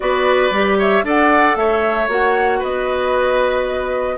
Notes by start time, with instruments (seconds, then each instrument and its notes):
0.00 bassoon B3, clarinet F#4, oboe B4, flute D5
0.50 bassoon G3, clarinet G4
0.78 oboe C#5, flute E5
1.03 bassoon D4, clarinet A4, oboe D5, flute F#5
1.55 bassoon A3, oboe C#5, flute E5
2.08 bassoon A#3, clarinet F#4, flute F#5
2.59 bassoon B3, oboe B4, flute D#5